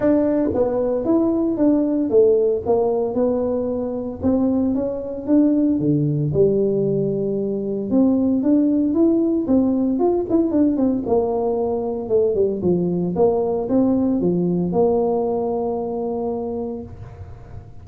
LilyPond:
\new Staff \with { instrumentName = "tuba" } { \time 4/4 \tempo 4 = 114 d'4 b4 e'4 d'4 | a4 ais4 b2 | c'4 cis'4 d'4 d4 | g2. c'4 |
d'4 e'4 c'4 f'8 e'8 | d'8 c'8 ais2 a8 g8 | f4 ais4 c'4 f4 | ais1 | }